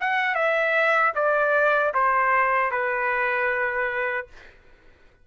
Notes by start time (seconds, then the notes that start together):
0.00 F#5
0.35 E5
1.15 D5
1.94 C5
2.71 B4